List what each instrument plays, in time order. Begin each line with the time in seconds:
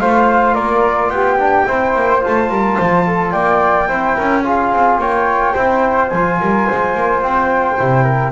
0.00 double bass A3, trombone F4, flute C5 F5
0.54 double bass A#3, flute A#4 D5
1.09 double bass B3, flute G4 G5
1.39 trombone D4
1.66 double bass C4, trombone E4, flute C5
1.95 double bass A#3
2.20 trombone F4, flute A5
2.27 double bass A3
2.49 double bass G3, flute A#4
2.77 double bass F3, flute C5
3.07 flute A4
3.31 double bass A#3, flute D5 G5
3.87 double bass C4, trombone E4, flute C5
4.16 double bass C#4, flute A#4
4.43 trombone F4, flute G#4 F5
4.73 double bass C4
4.98 double bass A#3, flute C#5 G5
5.54 double bass C4, trombone E4, flute C5
6.09 double bass F3, trombone F4, flute G#5
6.40 double bass G3, flute A#4
6.66 double bass G#3, flute C5
6.95 double bass A#3
7.22 double bass C4, flute G5
7.78 double bass C3, trombone E4
8.03 flute A#4